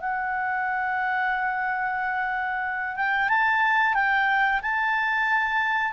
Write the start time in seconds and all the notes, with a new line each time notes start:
0.00 F#5
2.96 G5
3.29 A5
3.94 G5
4.62 A5